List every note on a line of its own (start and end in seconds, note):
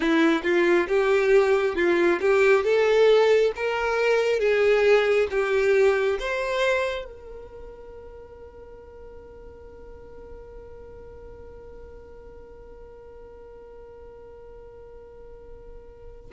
0.00 0.42 E4
0.43 0.87 F4
0.88 1.75 G4
1.75 2.19 F4
2.21 2.64 G4
2.64 3.52 A4
3.55 4.39 A#4
4.39 5.27 G#4
5.30 6.18 G4
6.19 7.04 C5
7.04 16.31 A#4